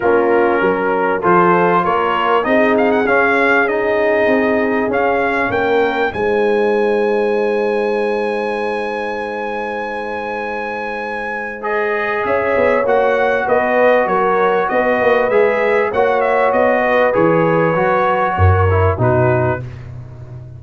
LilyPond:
<<
  \new Staff \with { instrumentName = "trumpet" } { \time 4/4 \tempo 4 = 98 ais'2 c''4 cis''4 | dis''8 f''16 fis''16 f''4 dis''2 | f''4 g''4 gis''2~ | gis''1~ |
gis''2. dis''4 | e''4 fis''4 dis''4 cis''4 | dis''4 e''4 fis''8 e''8 dis''4 | cis''2. b'4 | }
  \new Staff \with { instrumentName = "horn" } { \time 4/4 f'4 ais'4 a'4 ais'4 | gis'1~ | gis'4 ais'4 c''2~ | c''1~ |
c''1 | cis''2 b'4 ais'4 | b'2 cis''4. b'8~ | b'2 ais'4 fis'4 | }
  \new Staff \with { instrumentName = "trombone" } { \time 4/4 cis'2 f'2 | dis'4 cis'4 dis'2 | cis'2 dis'2~ | dis'1~ |
dis'2. gis'4~ | gis'4 fis'2.~ | fis'4 gis'4 fis'2 | gis'4 fis'4. e'8 dis'4 | }
  \new Staff \with { instrumentName = "tuba" } { \time 4/4 ais4 fis4 f4 ais4 | c'4 cis'2 c'4 | cis'4 ais4 gis2~ | gis1~ |
gis1 | cis'8 b8 ais4 b4 fis4 | b8 ais8 gis4 ais4 b4 | e4 fis4 fis,4 b,4 | }
>>